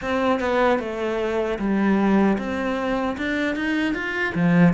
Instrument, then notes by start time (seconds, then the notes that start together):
cello
0.01 C4
0.39 B3
0.79 A3
1.58 G3
2.38 C4
3.17 D4
3.55 D#4
3.94 F4
4.35 F3